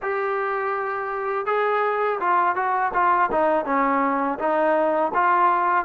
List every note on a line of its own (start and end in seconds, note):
0.02 1.46 G4
1.46 2.19 G#4
2.20 2.55 F4
2.55 2.92 F#4
2.93 3.30 F4
3.31 3.65 D#4
3.65 4.38 C#4
4.39 5.12 D#4
5.14 5.85 F4